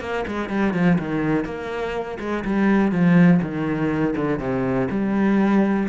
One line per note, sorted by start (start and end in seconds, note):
0.00 0.24 A#3
0.27 0.49 G#3
0.49 0.73 G3
0.73 0.98 F3
0.98 1.45 D#3
1.45 2.18 A#3
2.20 2.44 G#3
2.45 2.91 G3
2.91 3.40 F3
3.42 4.15 D#3
4.16 4.39 D3
4.39 4.88 C3
4.90 5.88 G3